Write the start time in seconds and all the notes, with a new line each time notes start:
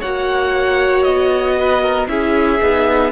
0.00 A#3 F#4 C#5 F#5
1.03 B3 D#5
1.59 B4
1.82 A#4
2.08 C#4 E4 G#4 E5
2.61 B3 D#4